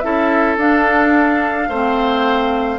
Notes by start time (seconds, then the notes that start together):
0.00 C#4 E4 A4 E5
0.57 D4 F5
1.69 A3 C4 C5